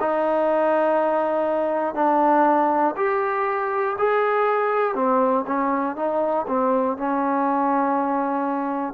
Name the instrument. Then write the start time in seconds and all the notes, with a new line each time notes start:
trombone
0.00 D#4
1.95 D4
2.96 G4
3.99 G#4
4.95 C4
5.47 C#4
5.96 D#4
6.48 C4
6.97 C#4